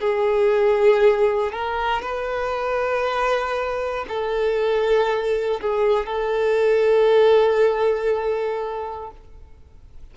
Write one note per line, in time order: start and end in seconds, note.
0.00 1.52 G#4
1.52 2.02 A#4
2.02 4.05 B4
4.08 5.60 A4
5.61 6.06 G#4
6.06 9.11 A4